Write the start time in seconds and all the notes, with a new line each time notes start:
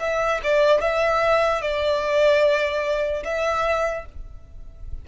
0.00 E5
0.43 D5
0.81 E5
1.61 D5
3.24 E5